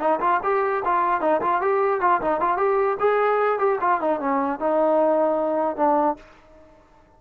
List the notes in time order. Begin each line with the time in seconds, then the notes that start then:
0.00 D#4
0.21 F4
0.44 G4
0.85 F4
1.21 D#4
1.42 F4
1.62 G4
2.01 F4
2.22 D#4
2.41 F4
2.58 G4
3.00 G#4
3.59 G4
3.81 F4
4.01 D#4
4.21 C#4
4.60 D#4
5.77 D4